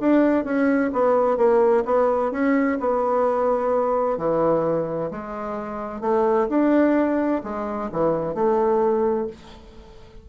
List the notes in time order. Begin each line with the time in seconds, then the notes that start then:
0.00 D4
0.44 C#4
0.93 B3
1.37 A#3
1.85 B3
2.32 C#4
2.80 B3
4.18 E3
5.11 G#3
6.01 A3
6.49 D4
7.44 G#3
7.92 E3
8.34 A3